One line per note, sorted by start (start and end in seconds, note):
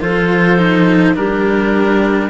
0.00 1.16 F3
0.00 0.57 F4
0.00 1.16 A4
0.00 1.16 C5
0.57 1.14 D#4
1.14 2.30 G3
1.14 2.30 D4
1.14 2.30 G4
1.14 2.30 A#4